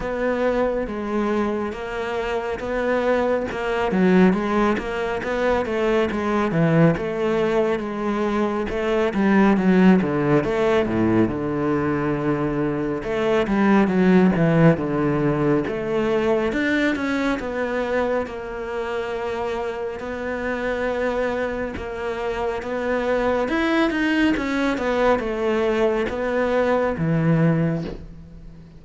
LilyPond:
\new Staff \with { instrumentName = "cello" } { \time 4/4 \tempo 4 = 69 b4 gis4 ais4 b4 | ais8 fis8 gis8 ais8 b8 a8 gis8 e8 | a4 gis4 a8 g8 fis8 d8 | a8 a,8 d2 a8 g8 |
fis8 e8 d4 a4 d'8 cis'8 | b4 ais2 b4~ | b4 ais4 b4 e'8 dis'8 | cis'8 b8 a4 b4 e4 | }